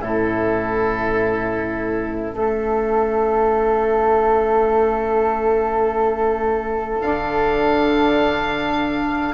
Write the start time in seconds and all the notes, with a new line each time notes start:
0.00 A2 C#4 E4 A4
2.32 A3 A4 E5
7.01 D3 D4 F5